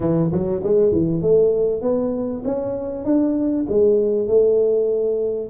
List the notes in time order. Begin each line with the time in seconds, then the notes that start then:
0.00 E3
0.31 F#3
0.63 G#3
0.92 E3
1.21 A3
1.81 B3
2.44 C#4
3.04 D4
3.68 G#3
4.27 A3